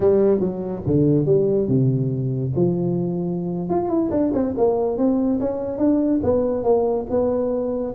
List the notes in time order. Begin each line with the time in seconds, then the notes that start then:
0.00 G3
0.40 F#3
0.86 D3
1.25 G3
1.67 C3
2.55 F3
3.69 F4
3.89 E4
4.10 D4
4.33 C4
4.57 A#3
4.97 C4
5.40 C#4
5.78 D4
6.23 B3
6.63 A#3
7.10 B3